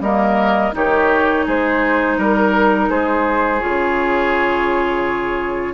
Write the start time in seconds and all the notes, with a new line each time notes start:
0.00 G3 A#3 A#4 D#5
0.73 D#3 D#4 G4 C#5
1.46 G#3 G#4 C5
2.18 G3 A#4
2.89 G#3 G#4 C5
3.60 C#3 F4 C#5